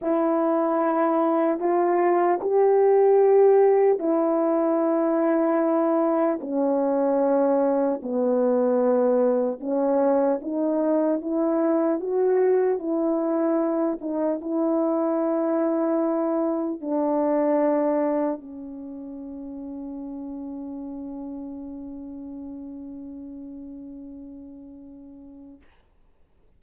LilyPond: \new Staff \with { instrumentName = "horn" } { \time 4/4 \tempo 4 = 75 e'2 f'4 g'4~ | g'4 e'2. | cis'2 b2 | cis'4 dis'4 e'4 fis'4 |
e'4. dis'8 e'2~ | e'4 d'2 cis'4~ | cis'1~ | cis'1 | }